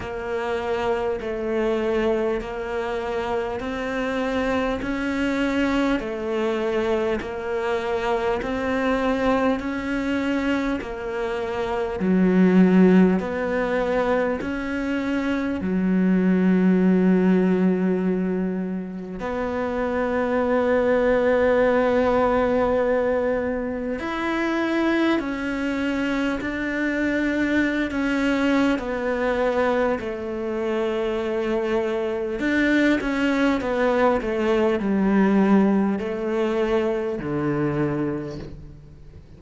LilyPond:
\new Staff \with { instrumentName = "cello" } { \time 4/4 \tempo 4 = 50 ais4 a4 ais4 c'4 | cis'4 a4 ais4 c'4 | cis'4 ais4 fis4 b4 | cis'4 fis2. |
b1 | e'4 cis'4 d'4~ d'16 cis'8. | b4 a2 d'8 cis'8 | b8 a8 g4 a4 d4 | }